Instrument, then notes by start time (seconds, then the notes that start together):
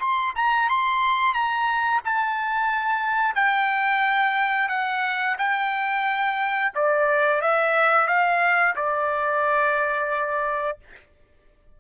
trumpet
0.00 C6
0.35 A#5
0.69 C6
1.34 A#5
2.04 A5
3.35 G5
4.69 F#5
5.38 G5
6.74 D5
7.41 E5
8.07 F5
8.76 D5